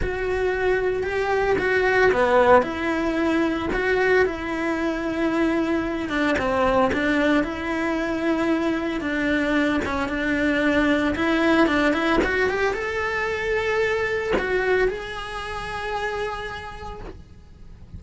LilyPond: \new Staff \with { instrumentName = "cello" } { \time 4/4 \tempo 4 = 113 fis'2 g'4 fis'4 | b4 e'2 fis'4 | e'2.~ e'8 d'8 | c'4 d'4 e'2~ |
e'4 d'4. cis'8 d'4~ | d'4 e'4 d'8 e'8 fis'8 g'8 | a'2. fis'4 | gis'1 | }